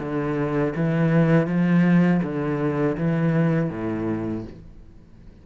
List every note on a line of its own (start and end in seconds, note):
0.00 0.74 D3
0.76 1.47 E3
1.47 2.21 F3
2.23 2.97 D3
2.97 3.70 E3
3.70 4.44 A2